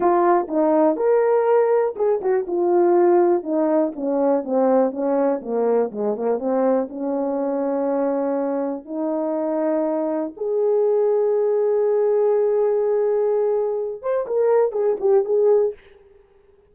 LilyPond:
\new Staff \with { instrumentName = "horn" } { \time 4/4 \tempo 4 = 122 f'4 dis'4 ais'2 | gis'8 fis'8 f'2 dis'4 | cis'4 c'4 cis'4 ais4 | gis8 ais8 c'4 cis'2~ |
cis'2 dis'2~ | dis'4 gis'2.~ | gis'1~ | gis'8 c''8 ais'4 gis'8 g'8 gis'4 | }